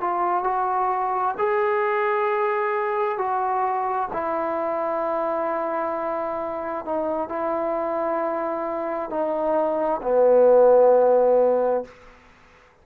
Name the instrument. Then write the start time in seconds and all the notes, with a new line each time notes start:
trombone
0.00 F4
0.43 F#4
1.38 G#4
3.17 F#4
4.12 E4
6.85 D#4
7.29 E4
9.10 D#4
10.02 B3